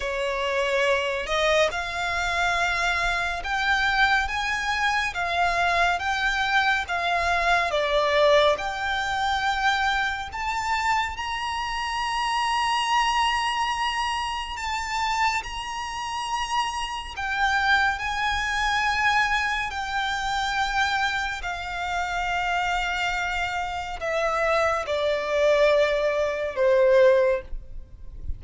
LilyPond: \new Staff \with { instrumentName = "violin" } { \time 4/4 \tempo 4 = 70 cis''4. dis''8 f''2 | g''4 gis''4 f''4 g''4 | f''4 d''4 g''2 | a''4 ais''2.~ |
ais''4 a''4 ais''2 | g''4 gis''2 g''4~ | g''4 f''2. | e''4 d''2 c''4 | }